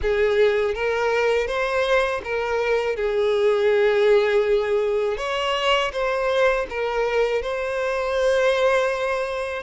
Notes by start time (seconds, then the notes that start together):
0.02 G#4
0.74 A#4
1.47 C5
2.24 A#4
2.96 G#4
5.17 C#5
5.92 C5
6.69 A#4
7.42 C5